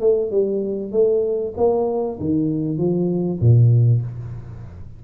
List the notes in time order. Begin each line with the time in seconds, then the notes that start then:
0.00 A3
0.31 G3
0.91 A3
1.57 A#3
2.19 D#3
2.78 F3
3.40 A#2